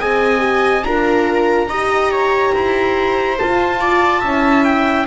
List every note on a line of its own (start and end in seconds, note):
0.00 0.83 C4
0.00 0.39 G#4
0.00 0.85 D#5
0.00 0.83 G#5
0.39 0.81 G4
0.83 1.67 D4
0.83 1.70 F4
0.83 1.69 A#4
0.83 3.37 A#5
1.67 2.52 D#4
1.67 3.39 G4
1.67 2.11 D#5
2.11 2.53 C#5
2.54 3.39 E4
2.54 3.80 C5
3.39 4.23 F4
3.39 4.64 A5
3.80 4.20 D5
4.20 5.07 C#4
4.20 5.07 E4
4.20 5.05 E5
4.64 5.06 G5